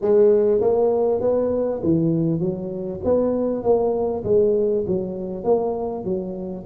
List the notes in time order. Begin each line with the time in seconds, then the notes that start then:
0.01 G#3
0.60 A#3
1.21 B3
1.83 E3
2.39 F#3
3.04 B3
3.63 A#3
4.24 G#3
4.87 F#3
5.44 A#3
6.04 F#3